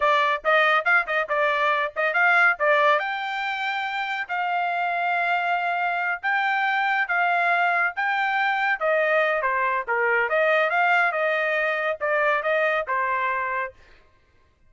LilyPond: \new Staff \with { instrumentName = "trumpet" } { \time 4/4 \tempo 4 = 140 d''4 dis''4 f''8 dis''8 d''4~ | d''8 dis''8 f''4 d''4 g''4~ | g''2 f''2~ | f''2~ f''8 g''4.~ |
g''8 f''2 g''4.~ | g''8 dis''4. c''4 ais'4 | dis''4 f''4 dis''2 | d''4 dis''4 c''2 | }